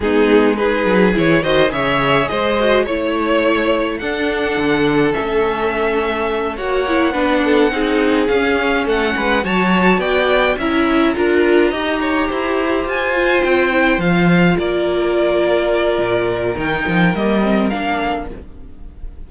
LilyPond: <<
  \new Staff \with { instrumentName = "violin" } { \time 4/4 \tempo 4 = 105 gis'4 b'4 cis''8 dis''8 e''4 | dis''4 cis''2 fis''4~ | fis''4 e''2~ e''8 fis''8~ | fis''2~ fis''8 f''4 fis''8~ |
fis''8 a''4 g''4 ais''4.~ | ais''2~ ais''8 gis''4 g''8~ | g''8 f''4 d''2~ d''8~ | d''4 g''4 dis''4 f''4 | }
  \new Staff \with { instrumentName = "violin" } { \time 4/4 dis'4 gis'4. c''8 cis''4 | c''4 cis''2 a'4~ | a'2.~ a'8 cis''8~ | cis''8 b'8 a'8 gis'2 a'8 |
b'8 cis''4 d''4 e''4 ais'8~ | ais'8 dis''8 cis''8 c''2~ c''8~ | c''4. ais'2~ ais'8~ | ais'2.~ ais'8 a'8 | }
  \new Staff \with { instrumentName = "viola" } { \time 4/4 b4 dis'4 e'8 fis'8 gis'4~ | gis'8 fis'8 e'2 d'4~ | d'4 cis'2~ cis'8 fis'8 | e'8 d'4 dis'4 cis'4.~ |
cis'8 fis'2 e'4 f'8~ | f'8 g'2~ g'8 f'4 | e'8 f'2.~ f'8~ | f'4 dis'4 ais8 c'8 d'4 | }
  \new Staff \with { instrumentName = "cello" } { \time 4/4 gis4. fis8 e8 dis8 cis4 | gis4 a2 d'4 | d4 a2~ a8 ais8~ | ais8 b4 c'4 cis'4 a8 |
gis8 fis4 b4 cis'4 d'8~ | d'8 dis'4 e'4 f'4 c'8~ | c'8 f4 ais2~ ais8 | ais,4 dis8 f8 g4 ais4 | }
>>